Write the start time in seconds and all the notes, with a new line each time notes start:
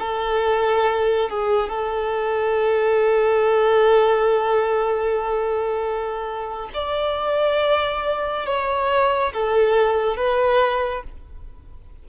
0.00 A4
1.30 G#4
1.70 A4
6.74 D5
8.47 C#5
9.34 A4
10.17 B4